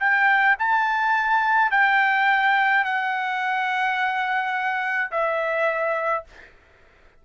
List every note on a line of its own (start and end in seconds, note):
0.00 0.57 G5
0.59 1.71 A5
1.71 2.85 G5
2.85 5.11 F#5
5.11 6.25 E5